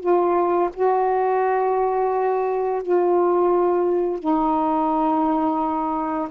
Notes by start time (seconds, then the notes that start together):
0.00 F4
0.74 F#4
2.83 F4
4.19 D#4